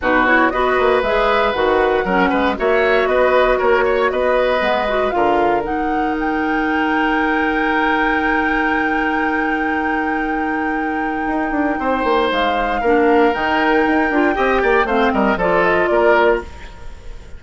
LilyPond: <<
  \new Staff \with { instrumentName = "flute" } { \time 4/4 \tempo 4 = 117 b'8 cis''8 dis''4 e''4 fis''4~ | fis''4 e''4 dis''4 cis''4 | dis''2 f''4 fis''4 | g''1~ |
g''1~ | g''1 | f''2 g''2~ | g''4 f''8 dis''8 d''8 dis''8 d''4 | }
  \new Staff \with { instrumentName = "oboe" } { \time 4/4 fis'4 b'2. | ais'8 b'8 cis''4 b'4 ais'8 cis''8 | b'2 ais'2~ | ais'1~ |
ais'1~ | ais'2. c''4~ | c''4 ais'2. | dis''8 d''8 c''8 ais'8 a'4 ais'4 | }
  \new Staff \with { instrumentName = "clarinet" } { \time 4/4 dis'8 e'8 fis'4 gis'4 fis'4 | cis'4 fis'2.~ | fis'4 b8 fis'8 f'4 dis'4~ | dis'1~ |
dis'1~ | dis'1~ | dis'4 d'4 dis'4. f'8 | g'4 c'4 f'2 | }
  \new Staff \with { instrumentName = "bassoon" } { \time 4/4 b,4 b8 ais8 gis4 dis4 | fis8 gis8 ais4 b4 ais4 | b4 gis4 d4 dis4~ | dis1~ |
dis1~ | dis2 dis'8 d'8 c'8 ais8 | gis4 ais4 dis4 dis'8 d'8 | c'8 ais8 a8 g8 f4 ais4 | }
>>